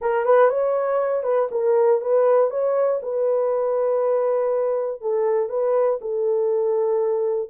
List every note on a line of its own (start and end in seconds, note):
0.01 0.25 A#4
0.25 0.49 B4
0.49 1.23 C#5
1.23 1.48 B4
1.51 2.01 A#4
2.01 2.50 B4
2.50 3.00 C#5
3.02 5.01 B4
5.01 5.49 A4
5.49 5.99 B4
6.01 7.49 A4